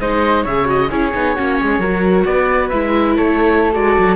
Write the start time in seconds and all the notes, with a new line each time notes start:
0.00 G#3 D#4 C5 D#5
0.43 C#3 G#4 C#5 E5
0.65 F#4 D#5
0.90 C#4 E4 G#4 C#5
1.15 B3 D#4
1.35 A#3 C#4 F#4
1.60 G#3 G#4
1.79 F#3 F#4 A#4
2.25 B3 B4 D5
2.69 G#3 E4 E5
3.16 A3 A4 C#5
3.73 G#3 F#4 D5
3.99 F#3